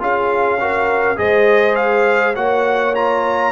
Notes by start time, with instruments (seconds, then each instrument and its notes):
0.00 tuba C#4, trombone F4, horn G#4, trumpet F5
0.60 trombone F#4, horn A#4
1.17 tuba G#3, trombone G#4, horn C5, trumpet D#5
1.76 trumpet F5
2.36 tuba A#3, trombone F#4, horn C#5, trumpet F#5
2.95 trombone F4, trumpet A#5